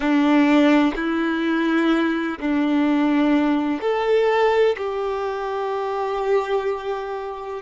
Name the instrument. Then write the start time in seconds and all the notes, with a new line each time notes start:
violin
0.00 D4
0.96 E4
2.39 D4
3.81 A4
4.77 G4